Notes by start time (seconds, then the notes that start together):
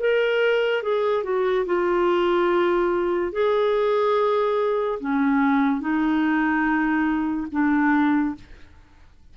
0.00 A#4
0.83 G#4
1.24 F#4
1.66 F4
3.33 G#4
5.00 C#4
5.81 D#4
7.52 D4